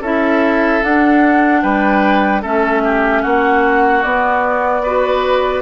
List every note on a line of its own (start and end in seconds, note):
0.00 0.80 C#4
0.00 0.82 E4
0.00 1.61 A4
0.00 0.83 E5
0.82 2.42 D4
0.82 1.63 D4
0.82 1.61 F#5
1.61 2.43 G3
1.61 2.41 B4
1.61 2.41 G5
2.41 3.24 A3
2.41 4.03 C#4
2.41 2.81 A4
2.41 3.22 E5
2.84 3.22 G4
3.22 4.04 A#3
3.22 4.82 F#4
3.22 4.02 F#5
4.02 5.62 B3
4.02 4.84 B3
4.02 5.62 D5
4.83 5.62 F#4
4.83 5.62 B4